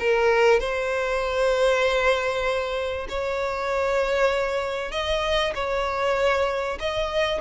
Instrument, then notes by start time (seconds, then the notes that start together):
violin
0.00 A#4
0.60 C5
3.09 C#5
4.92 D#5
5.55 C#5
6.80 D#5